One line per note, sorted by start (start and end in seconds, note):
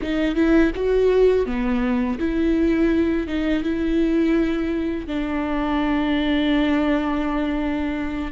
0.01 0.35 D#4
0.35 0.71 E4
0.75 1.46 F#4
1.46 2.18 B3
2.19 3.27 E4
3.27 3.63 D#4
3.63 5.06 E4
5.06 8.31 D4